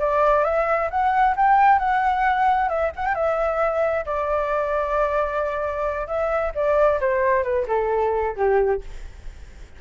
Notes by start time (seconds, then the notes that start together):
0.00 D5
0.44 E5
0.91 F#5
1.37 G5
1.79 F#5
2.69 E5
2.96 F#5
3.06 G5
3.15 E5
4.06 D5
6.07 E5
6.55 D5
7.01 C5
7.44 B4
7.68 A4
8.36 G4